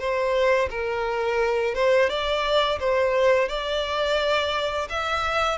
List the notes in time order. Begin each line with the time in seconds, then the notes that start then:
0.00 C5
0.71 A#4
1.75 C5
2.10 D5
2.80 C5
3.49 D5
4.90 E5